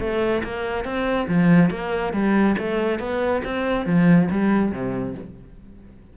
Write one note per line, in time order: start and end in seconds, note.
0.00 0.43 A3
0.44 0.85 A#3
0.85 1.28 C4
1.28 1.70 F3
1.70 2.13 A#3
2.13 2.56 G3
2.58 2.99 A3
2.99 3.42 B3
3.44 3.86 C4
3.86 4.29 F3
4.31 4.72 G3
4.72 5.15 C3